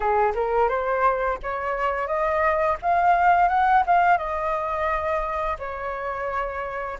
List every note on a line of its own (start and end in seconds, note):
0.00 0.32 G#4
0.35 0.68 A#4
0.68 1.38 C5
1.42 2.07 C#5
2.07 2.77 D#5
2.82 3.48 F5
3.48 3.83 F#5
3.86 4.17 F5
4.17 5.57 D#5
5.58 6.98 C#5